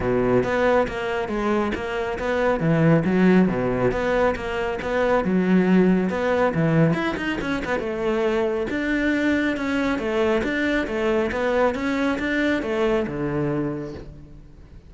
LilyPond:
\new Staff \with { instrumentName = "cello" } { \time 4/4 \tempo 4 = 138 b,4 b4 ais4 gis4 | ais4 b4 e4 fis4 | b,4 b4 ais4 b4 | fis2 b4 e4 |
e'8 dis'8 cis'8 b8 a2 | d'2 cis'4 a4 | d'4 a4 b4 cis'4 | d'4 a4 d2 | }